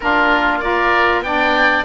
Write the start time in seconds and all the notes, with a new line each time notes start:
0.00 A#3 D4 F4 A#4
0.60 F4 A#4 D5
1.19 B3 D4 D5 G5